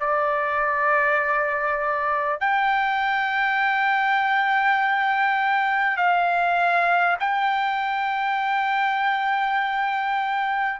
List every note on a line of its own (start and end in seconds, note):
0.00 2.40 D5
2.40 5.97 G5
5.97 7.17 F5
7.19 10.79 G5